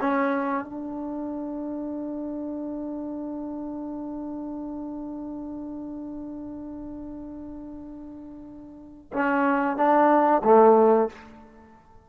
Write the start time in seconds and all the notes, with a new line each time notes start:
0.00 C#4
0.64 D4
9.13 C#4
9.76 D4
10.44 A3